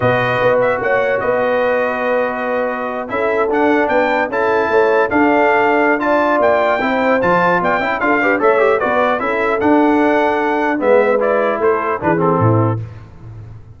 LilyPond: <<
  \new Staff \with { instrumentName = "trumpet" } { \time 4/4 \tempo 4 = 150 dis''4. e''8 fis''4 dis''4~ | dis''2.~ dis''8. e''16~ | e''8. fis''4 g''4 a''4~ a''16~ | a''8. f''2~ f''16 a''4 |
g''2 a''4 g''4 | f''4 e''4 d''4 e''4 | fis''2. e''4 | d''4 c''4 b'8 a'4. | }
  \new Staff \with { instrumentName = "horn" } { \time 4/4 b'2 cis''4 b'4~ | b'2.~ b'8. a'16~ | a'4.~ a'16 b'4 a'4 cis''16~ | cis''8. a'2~ a'16 d''4~ |
d''4 c''2 d''8 e''8 | a'8 b'8 cis''4 b'4 a'4~ | a'2. b'4~ | b'4 a'4 gis'4 e'4 | }
  \new Staff \with { instrumentName = "trombone" } { \time 4/4 fis'1~ | fis'2.~ fis'8. e'16~ | e'8. d'2 e'4~ e'16~ | e'8. d'2~ d'16 f'4~ |
f'4 e'4 f'4. e'8 | f'8 g'8 a'8 g'8 fis'4 e'4 | d'2. b4 | e'2 d'8 c'4. | }
  \new Staff \with { instrumentName = "tuba" } { \time 4/4 b,4 b4 ais4 b4~ | b2.~ b8. cis'16~ | cis'8. d'4 b4 cis'4 a16~ | a8. d'2.~ d'16 |
ais4 c'4 f4 b8 cis'8 | d'4 a4 b4 cis'4 | d'2. gis4~ | gis4 a4 e4 a,4 | }
>>